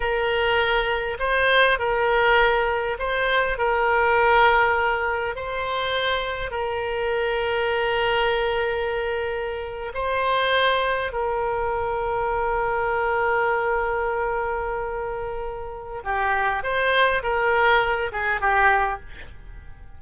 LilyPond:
\new Staff \with { instrumentName = "oboe" } { \time 4/4 \tempo 4 = 101 ais'2 c''4 ais'4~ | ais'4 c''4 ais'2~ | ais'4 c''2 ais'4~ | ais'1~ |
ais'8. c''2 ais'4~ ais'16~ | ais'1~ | ais'2. g'4 | c''4 ais'4. gis'8 g'4 | }